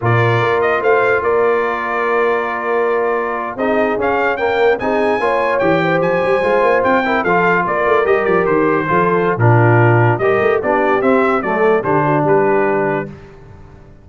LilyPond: <<
  \new Staff \with { instrumentName = "trumpet" } { \time 4/4 \tempo 4 = 147 d''4. dis''8 f''4 d''4~ | d''1~ | d''8. dis''4 f''4 g''4 gis''16~ | gis''4.~ gis''16 g''4 gis''4~ gis''16~ |
gis''8. g''4 f''4 d''4 dis''16~ | dis''16 d''8 c''2~ c''16 ais'4~ | ais'4 dis''4 d''4 e''4 | d''4 c''4 b'2 | }
  \new Staff \with { instrumentName = "horn" } { \time 4/4 ais'2 c''4 ais'4~ | ais'1~ | ais'8. gis'2 ais'4 gis'16~ | gis'8. cis''4. c''4.~ c''16~ |
c''4~ c''16 ais'8 a'4 ais'4~ ais'16~ | ais'4.~ ais'16 a'4~ a'16 f'4~ | f'4 ais'4 g'2 | a'4 g'8 fis'8 g'2 | }
  \new Staff \with { instrumentName = "trombone" } { \time 4/4 f'1~ | f'1~ | f'8. dis'4 cis'4 ais4 dis'16~ | dis'8. f'4 g'2 f'16~ |
f'4~ f'16 e'8 f'2 g'16~ | g'4.~ g'16 f'4~ f'16 d'4~ | d'4 g'4 d'4 c'4 | a4 d'2. | }
  \new Staff \with { instrumentName = "tuba" } { \time 4/4 ais,4 ais4 a4 ais4~ | ais1~ | ais8. c'4 cis'2 c'16~ | c'8. ais4 e4 f8 g8 gis16~ |
gis16 ais8 c'4 f4 ais8 a8 g16~ | g16 f8 dis4 f4~ f16 ais,4~ | ais,4 g8 a8 b4 c'4 | fis4 d4 g2 | }
>>